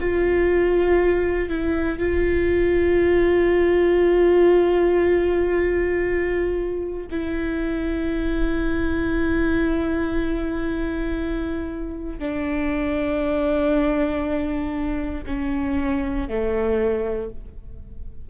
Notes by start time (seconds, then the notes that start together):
0.00 F4
1.49 E4
1.99 F4
7.11 E4
12.19 D4
15.27 C#4
16.29 A3